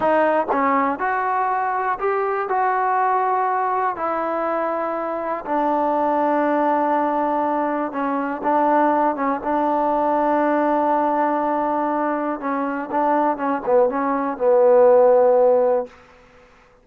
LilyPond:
\new Staff \with { instrumentName = "trombone" } { \time 4/4 \tempo 4 = 121 dis'4 cis'4 fis'2 | g'4 fis'2. | e'2. d'4~ | d'1 |
cis'4 d'4. cis'8 d'4~ | d'1~ | d'4 cis'4 d'4 cis'8 b8 | cis'4 b2. | }